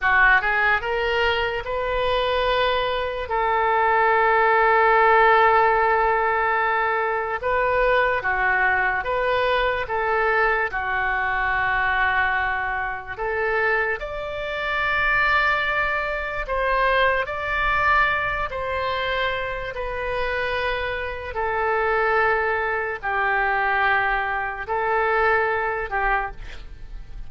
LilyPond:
\new Staff \with { instrumentName = "oboe" } { \time 4/4 \tempo 4 = 73 fis'8 gis'8 ais'4 b'2 | a'1~ | a'4 b'4 fis'4 b'4 | a'4 fis'2. |
a'4 d''2. | c''4 d''4. c''4. | b'2 a'2 | g'2 a'4. g'8 | }